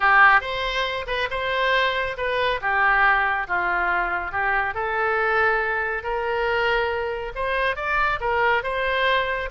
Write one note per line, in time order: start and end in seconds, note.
0.00 0.41 G4
0.41 1.05 C5
1.07 1.28 B4
1.30 2.16 C5
2.17 2.60 B4
2.61 3.47 G4
3.47 4.31 F4
4.31 4.74 G4
4.74 6.03 A4
6.03 7.32 A#4
7.35 7.75 C5
7.75 8.19 D5
8.20 8.63 A#4
8.63 9.49 C5